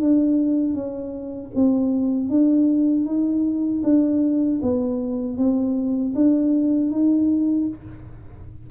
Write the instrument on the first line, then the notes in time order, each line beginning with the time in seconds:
tuba
0.00 D4
0.74 C#4
1.55 C4
2.29 D4
3.05 D#4
3.84 D4
4.62 B3
5.37 C4
6.15 D4
6.91 D#4